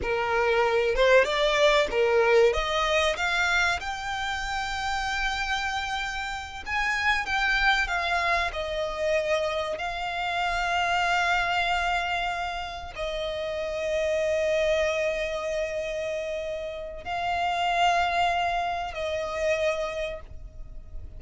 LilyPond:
\new Staff \with { instrumentName = "violin" } { \time 4/4 \tempo 4 = 95 ais'4. c''8 d''4 ais'4 | dis''4 f''4 g''2~ | g''2~ g''8 gis''4 g''8~ | g''8 f''4 dis''2 f''8~ |
f''1~ | f''8 dis''2.~ dis''8~ | dis''2. f''4~ | f''2 dis''2 | }